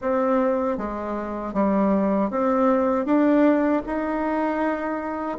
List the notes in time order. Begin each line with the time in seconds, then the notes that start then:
0.01 C4
0.77 G#3
1.53 G3
2.30 C4
3.05 D4
3.86 D#4